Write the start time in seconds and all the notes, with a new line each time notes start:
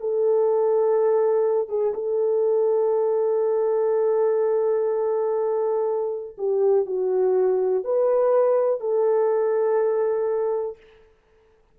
0.00 A4
1.69 G#4
1.94 A4
6.38 G4
6.86 F#4
7.84 B4
8.80 A4